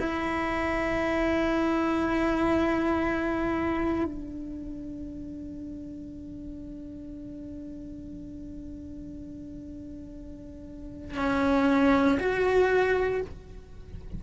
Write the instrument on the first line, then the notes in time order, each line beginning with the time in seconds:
cello
0.00 E4
4.05 D4
11.17 C#4
12.20 F#4